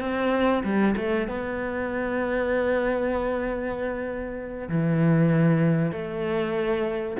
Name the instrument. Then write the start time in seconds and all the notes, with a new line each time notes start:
cello
0.00 C4
0.64 G3
0.96 A3
1.28 B3
4.68 E3
5.91 A3